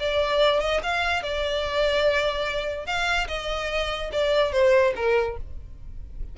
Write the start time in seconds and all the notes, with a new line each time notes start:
0.00 D5
0.60 D#5
0.83 F5
1.23 D5
2.86 F5
3.28 D#5
4.12 D5
4.52 C5
4.96 A#4